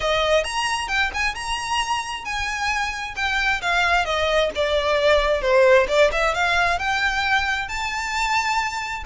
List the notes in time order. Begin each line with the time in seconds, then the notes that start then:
0.00 D#5
0.43 A#5
0.88 G5
1.14 G#5
1.34 A#5
2.24 G#5
3.16 G5
3.61 F5
4.05 D#5
4.55 D5
5.41 C5
5.88 D5
6.12 E5
6.34 F5
6.78 G5
7.68 A5